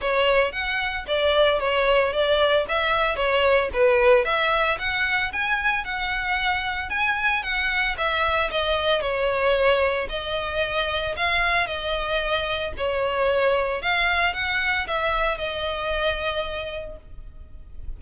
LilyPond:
\new Staff \with { instrumentName = "violin" } { \time 4/4 \tempo 4 = 113 cis''4 fis''4 d''4 cis''4 | d''4 e''4 cis''4 b'4 | e''4 fis''4 gis''4 fis''4~ | fis''4 gis''4 fis''4 e''4 |
dis''4 cis''2 dis''4~ | dis''4 f''4 dis''2 | cis''2 f''4 fis''4 | e''4 dis''2. | }